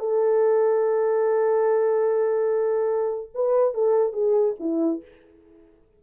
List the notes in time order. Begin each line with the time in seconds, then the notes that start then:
0.00 A4
3.35 B4
3.74 A4
4.13 G#4
4.60 E4